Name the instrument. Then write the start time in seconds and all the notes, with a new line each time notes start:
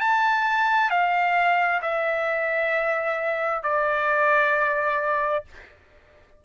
trumpet
0.00 A5
0.90 F5
1.82 E5
3.62 D5